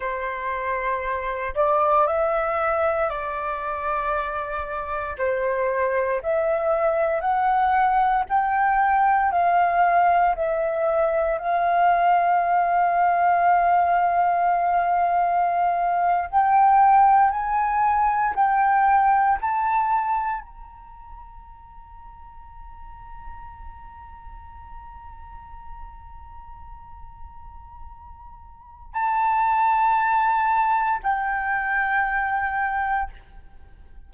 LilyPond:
\new Staff \with { instrumentName = "flute" } { \time 4/4 \tempo 4 = 58 c''4. d''8 e''4 d''4~ | d''4 c''4 e''4 fis''4 | g''4 f''4 e''4 f''4~ | f''2.~ f''8. g''16~ |
g''8. gis''4 g''4 a''4 ais''16~ | ais''1~ | ais''1 | a''2 g''2 | }